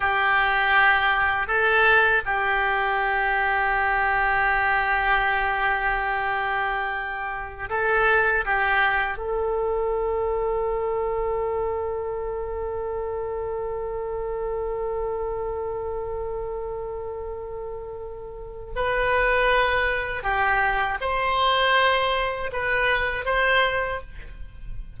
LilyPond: \new Staff \with { instrumentName = "oboe" } { \time 4/4 \tempo 4 = 80 g'2 a'4 g'4~ | g'1~ | g'2~ g'16 a'4 g'8.~ | g'16 a'2.~ a'8.~ |
a'1~ | a'1~ | a'4 b'2 g'4 | c''2 b'4 c''4 | }